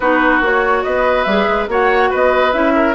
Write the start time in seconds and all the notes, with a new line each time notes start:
0.00 B3 D#4 F#4 B4
0.40 A#3 F#4 C#5
0.83 B3 B4 D#5
1.23 G3 G#4 E5
1.48 G#3
1.67 A#3 F#4 C#5 F#5
2.10 B3 B4 D#5
2.52 C#4 E4 E5
2.74 A#4